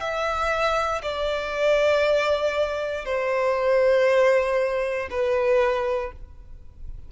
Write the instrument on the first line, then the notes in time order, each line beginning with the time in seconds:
violin
0.00 E5
1.02 D5
3.06 C5
5.10 B4